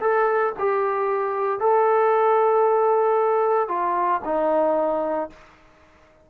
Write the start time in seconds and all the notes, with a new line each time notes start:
0.00 A4
0.58 G4
1.60 A4
3.68 F4
4.24 D#4